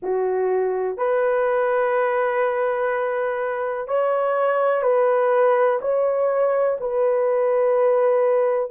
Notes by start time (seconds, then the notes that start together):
0.02 F#4
0.97 B4
3.87 C#5
4.82 B4
5.81 C#5
6.80 B4